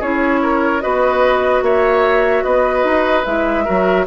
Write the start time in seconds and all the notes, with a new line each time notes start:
0.00 C#4 E4 G#4 C#5
0.42 A#4
0.81 B3 F#4 B4 D#5
1.62 A#3 C#5 E5
2.44 B3 B4 D#5
2.84 D#4
3.25 G#3 E4 E5
3.65 F#3 F#4 A#4